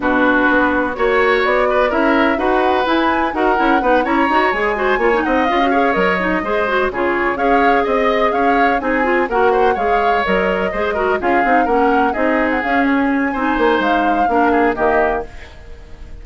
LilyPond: <<
  \new Staff \with { instrumentName = "flute" } { \time 4/4 \tempo 4 = 126 b'2 cis''4 d''4 | e''4 fis''4 gis''4 fis''4~ | fis''8 ais''4 gis''4. fis''8 f''8~ | f''8 dis''2 cis''4 f''8~ |
f''8 dis''4 f''4 gis''4 fis''8~ | fis''8 f''4 dis''2 f''8~ | f''8 fis''4 dis''8. fis''16 f''8 cis''8 gis''8~ | gis''4 f''2 dis''4 | }
  \new Staff \with { instrumentName = "oboe" } { \time 4/4 fis'2 cis''4. b'8 | ais'4 b'2 ais'4 | b'8 cis''4. c''8 cis''8 dis''4 | cis''4. c''4 gis'4 cis''8~ |
cis''8 dis''4 cis''4 gis'4 ais'8 | c''8 cis''2 c''8 ais'8 gis'8~ | gis'8 ais'4 gis'2~ gis'8 | c''2 ais'8 gis'8 g'4 | }
  \new Staff \with { instrumentName = "clarinet" } { \time 4/4 d'2 fis'2 | e'4 fis'4 e'4 fis'8 e'8 | dis'8 e'8 fis'8 gis'8 fis'8 f'16 dis'8. f'16 fis'16 | gis'8 ais'8 dis'8 gis'8 fis'8 f'4 gis'8~ |
gis'2~ gis'8 dis'8 f'8 fis'8~ | fis'8 gis'4 ais'4 gis'8 fis'8 f'8 | dis'8 cis'4 dis'4 cis'4. | dis'2 d'4 ais4 | }
  \new Staff \with { instrumentName = "bassoon" } { \time 4/4 b,4 b4 ais4 b4 | cis'4 dis'4 e'4 dis'8 cis'8 | b8 cis'8 dis'8 gis4 ais8 c'8 cis'8~ | cis'8 fis4 gis4 cis4 cis'8~ |
cis'8 c'4 cis'4 c'4 ais8~ | ais8 gis4 fis4 gis4 cis'8 | c'8 ais4 c'4 cis'4. | c'8 ais8 gis4 ais4 dis4 | }
>>